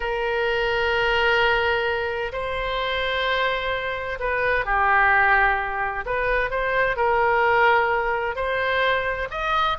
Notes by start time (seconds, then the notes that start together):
0.00 A#4
2.32 C5
4.19 B4
4.65 G4
6.05 B4
6.50 C5
6.96 A#4
8.35 C5
9.30 D#5